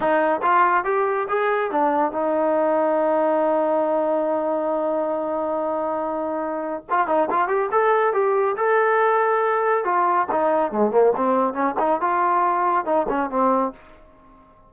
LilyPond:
\new Staff \with { instrumentName = "trombone" } { \time 4/4 \tempo 4 = 140 dis'4 f'4 g'4 gis'4 | d'4 dis'2.~ | dis'1~ | dis'1 |
f'8 dis'8 f'8 g'8 a'4 g'4 | a'2. f'4 | dis'4 gis8 ais8 c'4 cis'8 dis'8 | f'2 dis'8 cis'8 c'4 | }